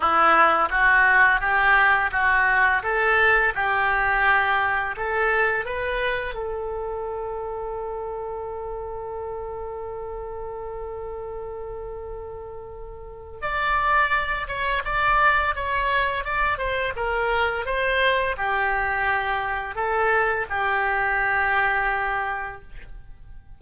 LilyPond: \new Staff \with { instrumentName = "oboe" } { \time 4/4 \tempo 4 = 85 e'4 fis'4 g'4 fis'4 | a'4 g'2 a'4 | b'4 a'2.~ | a'1~ |
a'2. d''4~ | d''8 cis''8 d''4 cis''4 d''8 c''8 | ais'4 c''4 g'2 | a'4 g'2. | }